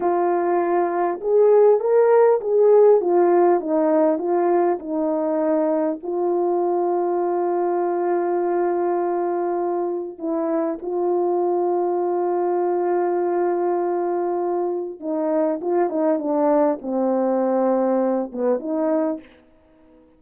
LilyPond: \new Staff \with { instrumentName = "horn" } { \time 4/4 \tempo 4 = 100 f'2 gis'4 ais'4 | gis'4 f'4 dis'4 f'4 | dis'2 f'2~ | f'1~ |
f'4 e'4 f'2~ | f'1~ | f'4 dis'4 f'8 dis'8 d'4 | c'2~ c'8 b8 dis'4 | }